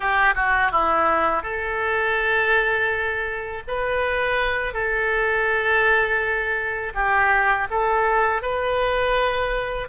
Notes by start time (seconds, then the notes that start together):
0.00 G4
0.35 F#4
0.72 E4
1.43 A4
3.67 B4
4.73 A4
6.94 G4
7.70 A4
8.41 B4